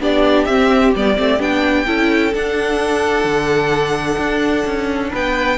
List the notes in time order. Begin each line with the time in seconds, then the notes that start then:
0.00 B3 D4 G4 D5
0.45 C4 E5
0.96 G3 B3 D5
1.17 A3 C4
1.40 B3 D4 G5
1.86 C#4 E4 A4
2.34 D4 F#5
3.25 D3
4.19 D4
4.66 C#4
5.10 B3 B4 G5